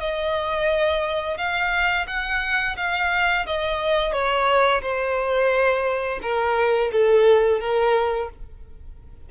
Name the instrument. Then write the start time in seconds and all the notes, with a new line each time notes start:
violin
0.00 D#5
1.37 F5
2.07 F#5
2.76 F5
3.46 D#5
4.13 C#5
4.82 C5
6.22 A#4
6.92 A4
7.61 A#4